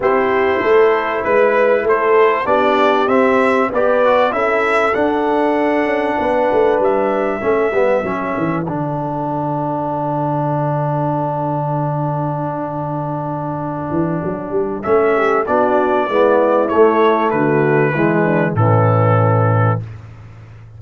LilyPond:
<<
  \new Staff \with { instrumentName = "trumpet" } { \time 4/4 \tempo 4 = 97 c''2 b'4 c''4 | d''4 e''4 d''4 e''4 | fis''2. e''4~ | e''2 fis''2~ |
fis''1~ | fis''1 | e''4 d''2 cis''4 | b'2 a'2 | }
  \new Staff \with { instrumentName = "horn" } { \time 4/4 g'4 a'4 b'4 a'4 | g'2 b'4 a'4~ | a'2 b'2 | a'1~ |
a'1~ | a'1~ | a'8 g'8 fis'4 e'2 | fis'4 e'8 d'8 cis'2 | }
  \new Staff \with { instrumentName = "trombone" } { \time 4/4 e'1 | d'4 c'4 g'8 fis'8 e'4 | d'1 | cis'8 b8 cis'4 d'2~ |
d'1~ | d'1 | cis'4 d'4 b4 a4~ | a4 gis4 e2 | }
  \new Staff \with { instrumentName = "tuba" } { \time 4/4 c'4 a4 gis4 a4 | b4 c'4 b4 cis'4 | d'4. cis'8 b8 a8 g4 | a8 g8 fis8 e8 d2~ |
d1~ | d2~ d8 e8 fis8 g8 | a4 b4 gis4 a4 | d4 e4 a,2 | }
>>